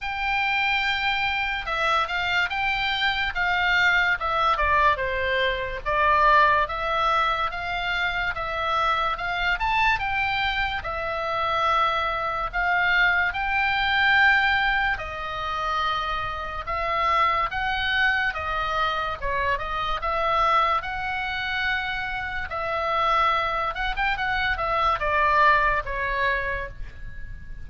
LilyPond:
\new Staff \with { instrumentName = "oboe" } { \time 4/4 \tempo 4 = 72 g''2 e''8 f''8 g''4 | f''4 e''8 d''8 c''4 d''4 | e''4 f''4 e''4 f''8 a''8 | g''4 e''2 f''4 |
g''2 dis''2 | e''4 fis''4 dis''4 cis''8 dis''8 | e''4 fis''2 e''4~ | e''8 fis''16 g''16 fis''8 e''8 d''4 cis''4 | }